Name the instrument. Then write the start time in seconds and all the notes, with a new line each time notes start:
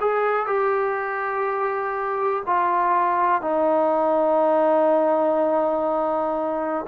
trombone
0.00 G#4
0.46 G4
2.46 F4
3.42 D#4